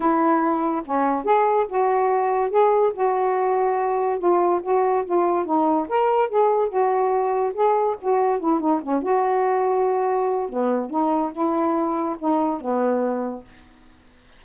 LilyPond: \new Staff \with { instrumentName = "saxophone" } { \time 4/4 \tempo 4 = 143 e'2 cis'4 gis'4 | fis'2 gis'4 fis'4~ | fis'2 f'4 fis'4 | f'4 dis'4 ais'4 gis'4 |
fis'2 gis'4 fis'4 | e'8 dis'8 cis'8 fis'2~ fis'8~ | fis'4 b4 dis'4 e'4~ | e'4 dis'4 b2 | }